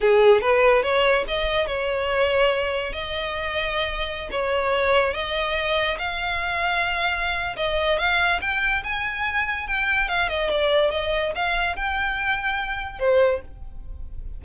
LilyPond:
\new Staff \with { instrumentName = "violin" } { \time 4/4 \tempo 4 = 143 gis'4 b'4 cis''4 dis''4 | cis''2. dis''4~ | dis''2~ dis''16 cis''4.~ cis''16~ | cis''16 dis''2 f''4.~ f''16~ |
f''2 dis''4 f''4 | g''4 gis''2 g''4 | f''8 dis''8 d''4 dis''4 f''4 | g''2. c''4 | }